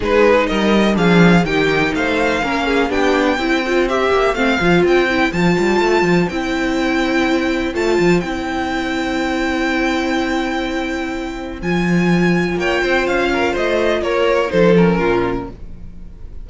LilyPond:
<<
  \new Staff \with { instrumentName = "violin" } { \time 4/4 \tempo 4 = 124 b'4 dis''4 f''4 g''4 | f''2 g''2 | e''4 f''4 g''4 a''4~ | a''4 g''2. |
a''4 g''2.~ | g''1 | gis''2 g''4 f''4 | dis''4 cis''4 c''8 ais'4. | }
  \new Staff \with { instrumentName = "violin" } { \time 4/4 gis'4 ais'4 gis'4 g'4 | c''4 ais'8 gis'8 g'4 c''4~ | c''1~ | c''1~ |
c''1~ | c''1~ | c''2 cis''8 c''4 ais'8 | c''4 ais'4 a'4 f'4 | }
  \new Staff \with { instrumentName = "viola" } { \time 4/4 dis'2 d'4 dis'4~ | dis'4 cis'4 d'4 e'8 f'8 | g'4 c'8 f'4 e'8 f'4~ | f'4 e'2. |
f'4 e'2.~ | e'1 | f'1~ | f'2 dis'8 cis'4. | }
  \new Staff \with { instrumentName = "cello" } { \time 4/4 gis4 g4 f4 dis4 | a4 ais4 b4 c'4~ | c'8 ais8 a8 f8 c'4 f8 g8 | a8 f8 c'2. |
a8 f8 c'2.~ | c'1 | f2 ais8 c'8 cis'4 | a4 ais4 f4 ais,4 | }
>>